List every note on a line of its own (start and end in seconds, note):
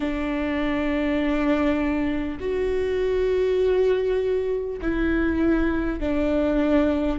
0.00 2.38 D4
2.40 4.80 F#4
4.81 6.00 E4
6.00 7.19 D4